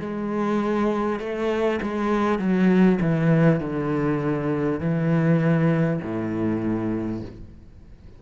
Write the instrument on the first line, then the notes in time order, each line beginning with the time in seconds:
cello
0.00 G#3
1.19 A3
1.82 G#3
2.38 F#3
3.01 E3
3.60 D3
4.79 E3
6.02 A2